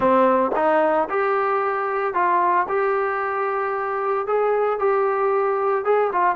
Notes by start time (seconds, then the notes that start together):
0.00 C4
0.55 D#4
1.09 G4
2.14 F4
2.68 G4
4.26 G#4
4.79 G4
5.84 G#4
6.12 F4